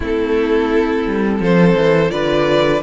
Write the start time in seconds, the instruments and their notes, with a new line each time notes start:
0.00 cello A3, viola C4, violin E4 A4
1.06 cello G3
1.39 cello F3, violin A4 C5
1.76 cello E3
2.09 cello D3, viola F4, violin B4 D5